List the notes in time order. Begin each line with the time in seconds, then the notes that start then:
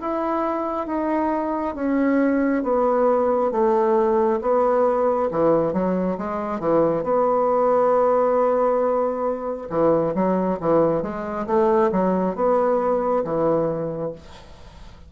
0.00 E4
0.86 D#4
1.75 C#4
2.63 B3
3.51 A3
4.41 B3
5.31 E3
5.72 F#3
6.17 G#3
6.59 E3
7.03 B3
9.69 E3
10.14 F#3
10.60 E3
11.02 G#3
11.46 A3
11.91 F#3
12.35 B3
13.24 E3